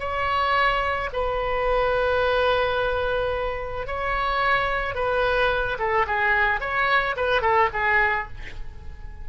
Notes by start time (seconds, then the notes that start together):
0.00 C#5
1.13 B4
3.87 C#5
4.95 B4
5.79 A4
6.07 G#4
6.61 C#5
7.17 B4
7.42 A4
7.73 G#4